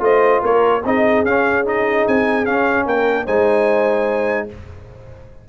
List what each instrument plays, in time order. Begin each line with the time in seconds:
0.00 tuba A3, trombone F4, horn C5, trumpet D#5
0.42 tuba A#3, horn A#4, trumpet C#5
0.85 tuba C4, trombone D#4, horn G#4, trumpet D#5
1.24 tuba C#4, trombone C#4, trumpet F5
1.65 trombone D#4, trumpet D#5
2.07 tuba C4, trumpet G#5
2.45 trombone C#4, tuba C#4, trumpet F5
2.86 tuba A#3, horn A#4, trumpet G5
3.25 tuba G#3, trombone D#4, horn C5, trumpet G#5